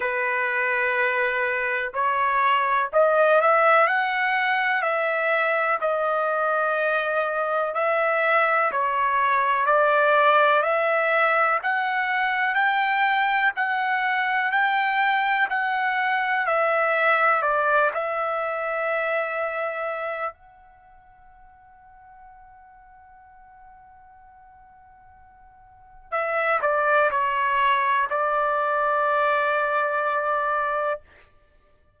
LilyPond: \new Staff \with { instrumentName = "trumpet" } { \time 4/4 \tempo 4 = 62 b'2 cis''4 dis''8 e''8 | fis''4 e''4 dis''2 | e''4 cis''4 d''4 e''4 | fis''4 g''4 fis''4 g''4 |
fis''4 e''4 d''8 e''4.~ | e''4 fis''2.~ | fis''2. e''8 d''8 | cis''4 d''2. | }